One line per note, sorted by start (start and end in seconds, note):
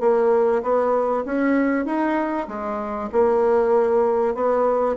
0.00 0.62 A#3
0.62 1.24 B3
1.25 1.85 C#4
1.85 2.47 D#4
2.48 3.10 G#3
3.12 4.34 A#3
4.34 4.96 B3